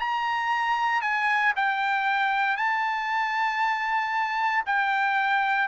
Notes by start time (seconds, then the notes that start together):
0.00 A#5
1.02 G#5
1.56 G5
2.57 A5
4.66 G5